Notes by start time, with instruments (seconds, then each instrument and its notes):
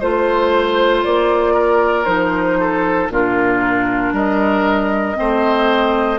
0.00 bassoon A3, clarinet F4, oboe C5, flute C5
1.04 bassoon A#3, flute D5
1.54 oboe A#4
2.05 bassoon F3, clarinet D#4, flute C5
2.60 oboe A4
3.09 bassoon A#2, clarinet D4, oboe F4, flute A#4
4.12 bassoon G3, oboe A#4, flute D#5
5.15 bassoon A3, clarinet C4, oboe C5